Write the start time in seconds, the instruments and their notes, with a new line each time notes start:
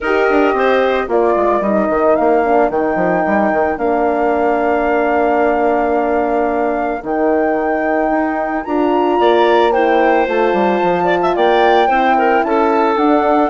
0.00 bassoon D#4, horn G4, clarinet A#4, flute D#5
0.29 bassoon D4
0.53 bassoon C4, clarinet C5
1.07 bassoon A#3, horn F4, clarinet A#4, flute D5
1.35 bassoon G#3
1.60 bassoon G3, horn D#4, flute D#5
1.89 bassoon D#3
2.15 bassoon A#3, flute F5
2.44 horn D4
2.69 bassoon D#3, horn D#4, flute G5
2.95 bassoon F3
3.26 bassoon G3
3.52 bassoon D#3
3.77 bassoon A#3, horn D4, flute F5
7.02 bassoon D#3, horn D#4, flute G5
8.10 bassoon D#4
8.64 bassoon D4, horn F4, flute A#5
9.19 bassoon A#3, clarinet D5
9.72 horn E4, clarinet C5, flute G5
10.26 bassoon A3, horn F4, flute A5
10.53 bassoon G3
10.82 bassoon F3
11.05 clarinet D5
11.22 clarinet E5
11.35 bassoon A#3, clarinet D5, flute G5
11.87 bassoon C4, horn E4, clarinet C5
12.17 clarinet A#4
12.43 bassoon C#4, clarinet A4, flute A5
12.96 bassoon D4, horn D4, flute F#5